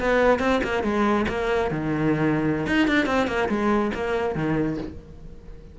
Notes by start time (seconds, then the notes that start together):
0.00 B3
0.40 C4
0.64 A#3
0.84 G#3
1.29 A#3
1.71 D#3
2.67 D#4
2.88 D4
3.06 C4
3.27 A#3
3.49 G#3
3.95 A#3
4.36 D#3